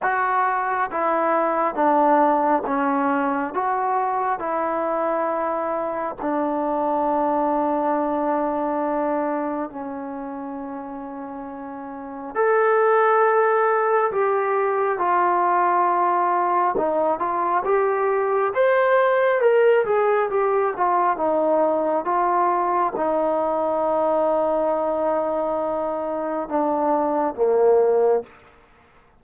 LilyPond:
\new Staff \with { instrumentName = "trombone" } { \time 4/4 \tempo 4 = 68 fis'4 e'4 d'4 cis'4 | fis'4 e'2 d'4~ | d'2. cis'4~ | cis'2 a'2 |
g'4 f'2 dis'8 f'8 | g'4 c''4 ais'8 gis'8 g'8 f'8 | dis'4 f'4 dis'2~ | dis'2 d'4 ais4 | }